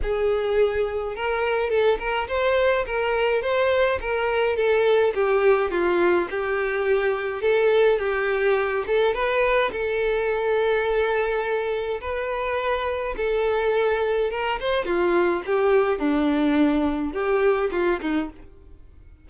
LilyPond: \new Staff \with { instrumentName = "violin" } { \time 4/4 \tempo 4 = 105 gis'2 ais'4 a'8 ais'8 | c''4 ais'4 c''4 ais'4 | a'4 g'4 f'4 g'4~ | g'4 a'4 g'4. a'8 |
b'4 a'2.~ | a'4 b'2 a'4~ | a'4 ais'8 c''8 f'4 g'4 | d'2 g'4 f'8 dis'8 | }